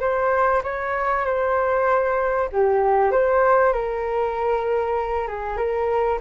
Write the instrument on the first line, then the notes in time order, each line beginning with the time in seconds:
flute
0.00 C5
0.63 C#5
1.25 C5
2.52 G4
3.11 C5
3.73 A#4
5.27 G#4
5.57 A#4